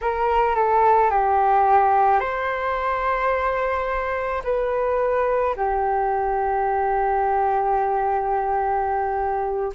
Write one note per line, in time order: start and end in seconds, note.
0.01 0.55 A#4
0.55 1.10 A4
1.10 2.20 G4
2.20 4.42 C5
4.43 5.55 B4
5.56 9.72 G4